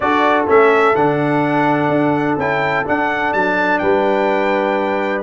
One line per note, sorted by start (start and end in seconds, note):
0.00 0.45 D4
0.00 0.47 F#4
0.00 3.81 A4
0.00 0.45 D5
0.47 0.95 A3
0.47 0.94 C#4
0.47 0.95 E5
0.95 1.88 D3
0.95 2.39 D4
0.95 2.38 F#5
1.88 2.36 D4
2.37 2.85 C#4
2.37 2.85 E4
2.37 2.86 G5
2.85 5.22 D4
2.85 3.33 D4
2.85 3.33 F#5
3.33 3.81 F#3
3.33 3.78 A5
3.78 5.22 G3
3.78 5.22 B4
3.78 5.21 G5